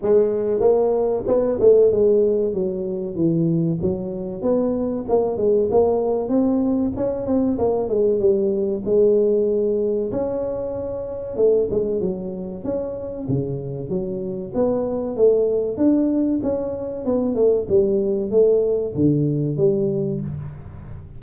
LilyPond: \new Staff \with { instrumentName = "tuba" } { \time 4/4 \tempo 4 = 95 gis4 ais4 b8 a8 gis4 | fis4 e4 fis4 b4 | ais8 gis8 ais4 c'4 cis'8 c'8 | ais8 gis8 g4 gis2 |
cis'2 a8 gis8 fis4 | cis'4 cis4 fis4 b4 | a4 d'4 cis'4 b8 a8 | g4 a4 d4 g4 | }